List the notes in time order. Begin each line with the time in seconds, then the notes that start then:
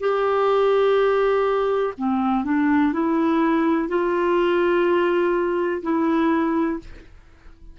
0.00 G4
1.98 C4
2.44 D4
2.93 E4
3.88 F4
5.82 E4